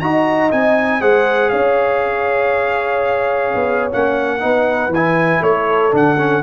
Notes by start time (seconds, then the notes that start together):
0.00 D#4 F#4 D#5 A#5
0.51 C4 D#4 G#5
1.01 G#3 G#4 C5 F#5
1.49 C#4 C#5 F5
3.54 B3
3.91 A#3 C#4 F#5
4.40 B3 D#4 B4
4.88 E3 G#5
4.96 E4
5.41 A3 A4 C#5
5.91 D3 D4 F#5
6.18 C#4